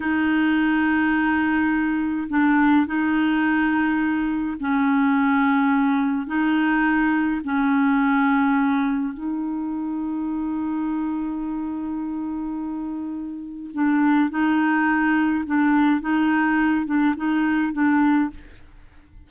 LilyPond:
\new Staff \with { instrumentName = "clarinet" } { \time 4/4 \tempo 4 = 105 dis'1 | d'4 dis'2. | cis'2. dis'4~ | dis'4 cis'2. |
dis'1~ | dis'1 | d'4 dis'2 d'4 | dis'4. d'8 dis'4 d'4 | }